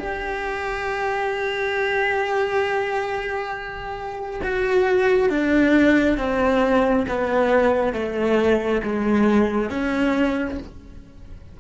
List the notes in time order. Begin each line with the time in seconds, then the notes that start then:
0.00 G4
4.44 F#4
5.30 D4
6.18 C4
7.09 B3
7.93 A3
8.83 G#3
9.70 C#4